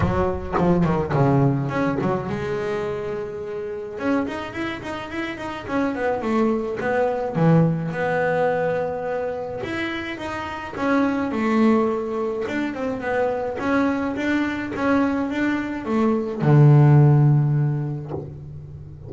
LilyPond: \new Staff \with { instrumentName = "double bass" } { \time 4/4 \tempo 4 = 106 fis4 f8 dis8 cis4 cis'8 fis8 | gis2. cis'8 dis'8 | e'8 dis'8 e'8 dis'8 cis'8 b8 a4 | b4 e4 b2~ |
b4 e'4 dis'4 cis'4 | a2 d'8 c'8 b4 | cis'4 d'4 cis'4 d'4 | a4 d2. | }